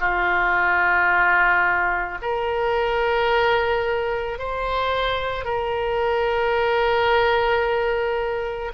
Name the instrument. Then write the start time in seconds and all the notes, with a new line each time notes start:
oboe
0.00 F4
2.22 A#4
4.38 C5
5.44 A#4